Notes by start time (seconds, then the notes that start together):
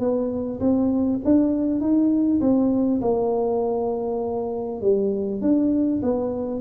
0.00 B3
0.60 C4
1.25 D4
1.81 D#4
2.41 C4
3.02 A#3
4.81 G3
5.42 D4
6.03 B3